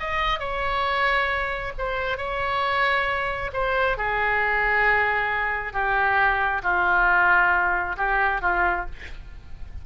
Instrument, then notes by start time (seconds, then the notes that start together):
oboe
0.00 D#5
0.39 C#5
1.78 C5
2.18 C#5
3.53 C5
3.97 G#4
5.73 G4
6.63 F4
7.97 G4
8.42 F4